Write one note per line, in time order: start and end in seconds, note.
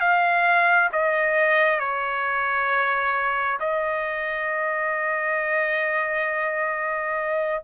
0.00 0.90 F5
0.92 1.79 D#5
1.79 3.58 C#5
3.60 7.63 D#5